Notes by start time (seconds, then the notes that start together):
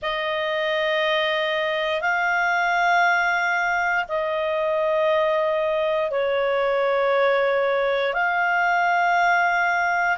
0.02 D#5
2.01 F5
4.08 D#5
6.11 C#5
8.14 F5